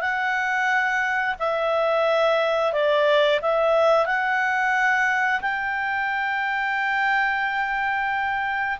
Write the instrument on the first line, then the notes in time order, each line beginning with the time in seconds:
clarinet
0.00 F#5
1.39 E5
2.72 D5
3.41 E5
4.06 F#5
5.41 G5